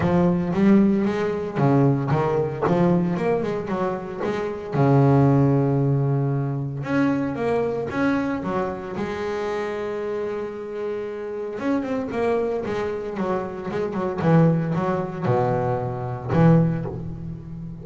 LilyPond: \new Staff \with { instrumentName = "double bass" } { \time 4/4 \tempo 4 = 114 f4 g4 gis4 cis4 | dis4 f4 ais8 gis8 fis4 | gis4 cis2.~ | cis4 cis'4 ais4 cis'4 |
fis4 gis2.~ | gis2 cis'8 c'8 ais4 | gis4 fis4 gis8 fis8 e4 | fis4 b,2 e4 | }